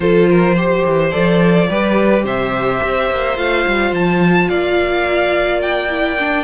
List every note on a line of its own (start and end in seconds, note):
0.00 0.83 F3
0.00 0.54 F4
0.00 0.29 A4
0.00 1.11 C5
0.29 0.55 A#4
0.55 1.12 G4
0.55 1.67 C5
0.85 1.13 E3
1.11 1.69 F3
1.11 1.68 A4
1.11 2.23 D5
1.69 2.24 G3
1.69 3.36 G4
1.69 2.24 B4
2.24 2.80 C3
2.24 4.48 C5
2.24 3.37 E5
2.83 3.10 C4
3.10 3.37 A#3
3.36 3.65 A3
3.36 5.88 F4
3.36 3.93 F5
3.66 3.92 G3
3.92 4.48 F3
3.92 4.48 A5
4.48 6.43 A#3
4.48 6.43 D5
4.48 5.61 F5
5.61 6.43 G5
5.89 6.17 E4
6.18 6.43 D4